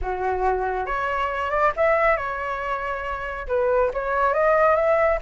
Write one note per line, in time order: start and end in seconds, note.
0.01 0.85 F#4
0.85 1.50 C#5
1.50 1.72 D5
1.76 2.16 E5
2.16 3.47 C#5
3.47 3.91 B4
3.93 4.33 C#5
4.33 4.75 D#5
4.75 5.19 E5